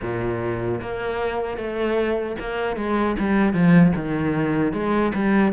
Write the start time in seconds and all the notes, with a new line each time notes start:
0.01 A#2
0.81 A#3
1.57 A3
2.39 A#3
2.76 G#3
3.19 G3
3.53 F3
3.95 D#3
4.73 G#3
5.14 G3